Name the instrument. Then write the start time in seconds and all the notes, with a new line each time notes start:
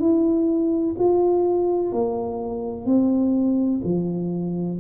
tuba
0.00 E4
0.99 F4
1.92 A#3
2.86 C4
3.84 F3